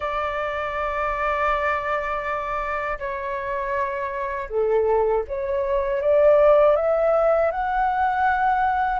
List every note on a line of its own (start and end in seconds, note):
0.00 2.98 D5
2.98 4.48 C#5
4.49 5.24 A4
5.27 6.01 C#5
6.01 6.76 D5
6.76 7.51 E5
7.51 8.99 F#5